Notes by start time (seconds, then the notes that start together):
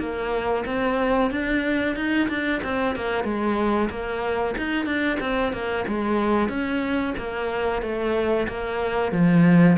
0.00 A#3
0.66 C4
1.31 D4
1.96 D#4
2.29 D4
2.64 C4
2.96 A#3
3.24 G#3
3.90 A#3
4.58 D#4
4.86 D4
5.21 C4
5.53 A#3
5.88 G#3
6.49 C#4
7.18 A#3
7.82 A3
8.48 A#3
9.12 F3